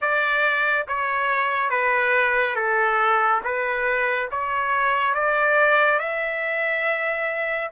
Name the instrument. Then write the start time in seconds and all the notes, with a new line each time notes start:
trumpet
0.01 D5
0.87 C#5
1.69 B4
2.55 A4
3.44 B4
4.31 C#5
5.14 D5
5.99 E5